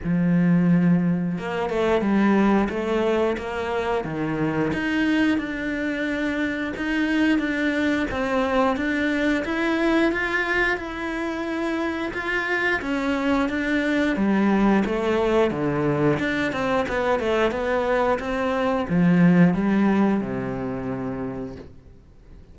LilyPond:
\new Staff \with { instrumentName = "cello" } { \time 4/4 \tempo 4 = 89 f2 ais8 a8 g4 | a4 ais4 dis4 dis'4 | d'2 dis'4 d'4 | c'4 d'4 e'4 f'4 |
e'2 f'4 cis'4 | d'4 g4 a4 d4 | d'8 c'8 b8 a8 b4 c'4 | f4 g4 c2 | }